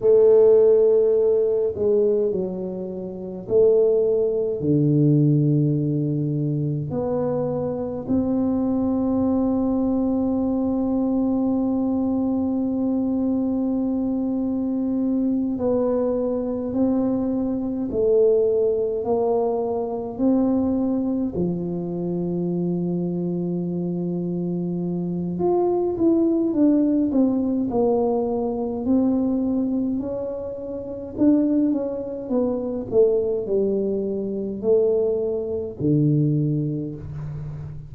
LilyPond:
\new Staff \with { instrumentName = "tuba" } { \time 4/4 \tempo 4 = 52 a4. gis8 fis4 a4 | d2 b4 c'4~ | c'1~ | c'4. b4 c'4 a8~ |
a8 ais4 c'4 f4.~ | f2 f'8 e'8 d'8 c'8 | ais4 c'4 cis'4 d'8 cis'8 | b8 a8 g4 a4 d4 | }